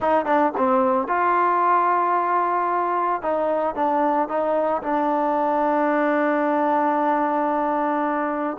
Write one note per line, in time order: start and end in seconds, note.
0.00 0.25 D#4
0.25 0.52 D4
0.57 1.07 C4
1.07 3.21 F4
3.22 3.75 D#4
3.75 4.28 D4
4.28 4.82 D#4
4.82 8.57 D4